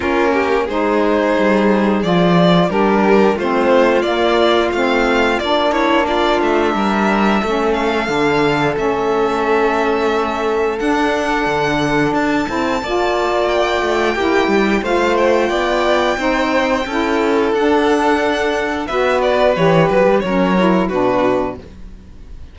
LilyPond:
<<
  \new Staff \with { instrumentName = "violin" } { \time 4/4 \tempo 4 = 89 ais'4 c''2 d''4 | ais'4 c''4 d''4 f''4 | d''8 cis''8 d''8 e''2 f''8~ | f''4 e''2. |
fis''2 a''2 | g''2 f''8 g''4.~ | g''2 fis''2 | e''8 d''8 cis''8 b'8 cis''4 b'4 | }
  \new Staff \with { instrumentName = "violin" } { \time 4/4 f'8 g'8 gis'2. | g'4 f'2.~ | f'8 e'8 f'4 ais'4 a'4~ | a'1~ |
a'2. d''4~ | d''4 g'4 c''4 d''4 | c''4 a'2. | b'2 ais'4 fis'4 | }
  \new Staff \with { instrumentName = "saxophone" } { \time 4/4 cis'4 dis'2 f'4 | d'4 c'4 ais4 c'4 | d'2. cis'4 | d'4 cis'2. |
d'2~ d'8 e'8 f'4~ | f'4 e'4 f'2 | dis'4 e'4 d'2 | fis'4 g'4 cis'8 e'8 d'4 | }
  \new Staff \with { instrumentName = "cello" } { \time 4/4 ais4 gis4 g4 f4 | g4 a4 ais4 a4 | ais4. a8 g4 a4 | d4 a2. |
d'4 d4 d'8 c'8 ais4~ | ais8 a8 ais8 g8 a4 b4 | c'4 cis'4 d'2 | b4 e8 fis16 g16 fis4 b,4 | }
>>